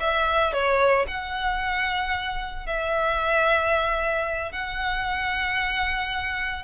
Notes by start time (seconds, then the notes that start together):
0.00 E5
0.53 C#5
1.07 F#5
2.66 E5
4.52 F#5